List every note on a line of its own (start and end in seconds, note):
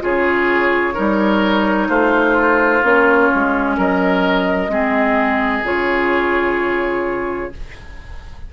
0.00 0.96 C#3
0.00 0.94 F4
0.00 0.94 G#4
0.00 1.90 C#5
0.94 1.89 G3
0.94 2.82 D#4
0.94 1.88 A#4
1.88 2.82 A3
1.88 3.76 F4
1.88 2.84 C5
2.83 3.30 A#3
2.83 4.70 C#4
2.83 3.78 C#5
3.34 3.78 G#3
3.77 4.68 F#3
3.77 4.71 A#4
3.77 5.65 D#5
4.68 5.62 G#3
4.68 5.63 C4
4.68 7.52 G#4
5.64 7.51 C#3
5.64 7.52 F4
5.64 7.53 C#5